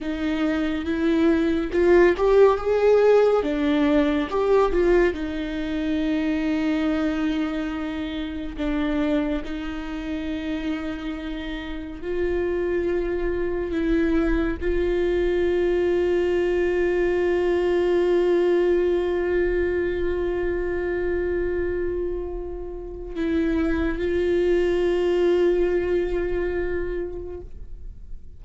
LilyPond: \new Staff \with { instrumentName = "viola" } { \time 4/4 \tempo 4 = 70 dis'4 e'4 f'8 g'8 gis'4 | d'4 g'8 f'8 dis'2~ | dis'2 d'4 dis'4~ | dis'2 f'2 |
e'4 f'2.~ | f'1~ | f'2. e'4 | f'1 | }